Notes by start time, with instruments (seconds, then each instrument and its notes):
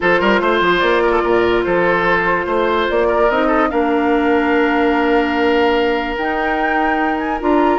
0.00 bassoon F3, clarinet F4, oboe A4, flute C5
0.20 bassoon G3, oboe A#4
0.40 bassoon A3, oboe C5
0.60 bassoon F3
0.79 bassoon A#3, flute D5
1.03 oboe A#4
1.11 oboe A4
1.23 bassoon A#2, oboe A#4
1.63 bassoon F3, oboe A4, flute C5
2.46 bassoon A3, oboe C5
2.90 bassoon A#3, flute D5
3.07 oboe A#4
3.29 bassoon C4, clarinet D#4, flute D#5
3.47 oboe A4
3.69 bassoon A#3, clarinet D4, oboe A#4, flute F5
6.17 bassoon D#4, clarinet D#4, flute G5
7.18 flute G#5
7.40 bassoon D4, clarinet F4, flute A#5